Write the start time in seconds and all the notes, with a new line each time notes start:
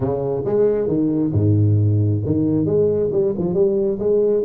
0.00 C#3
0.45 G#3
0.87 D#3
1.32 G#2
2.25 D#3
2.65 G#3
3.11 G3
3.37 F3
3.54 G3
3.99 G#3